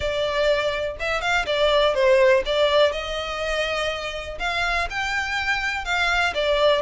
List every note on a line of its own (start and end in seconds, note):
0.00 0.96 D5
0.99 1.21 E5
1.21 1.45 F5
1.45 1.94 D5
1.94 2.43 C5
2.45 2.91 D5
2.91 4.38 D#5
4.39 4.88 F5
4.90 5.84 G5
5.84 6.33 F5
6.34 6.81 D5